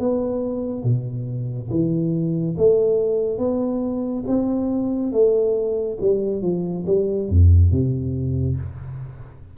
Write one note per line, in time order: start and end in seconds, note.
0.00 0.84 B3
0.84 1.69 B2
1.71 2.56 E3
2.58 3.39 A3
3.39 4.24 B3
4.28 5.13 C4
5.13 5.98 A3
6.01 6.42 G3
6.42 6.85 F3
6.86 7.29 G3
7.29 7.72 F2
7.72 8.58 C3